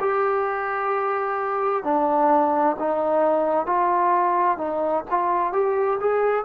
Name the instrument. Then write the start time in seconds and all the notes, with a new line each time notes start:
trombone
0.00 G4
1.84 D4
2.79 D#4
3.66 F4
4.58 D#4
5.10 F4
5.53 G4
6.00 G#4